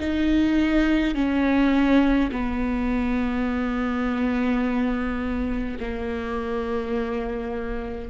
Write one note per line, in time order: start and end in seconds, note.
0.00 1.15 D#4
1.15 2.30 C#4
2.32 5.78 B3
5.81 8.10 A#3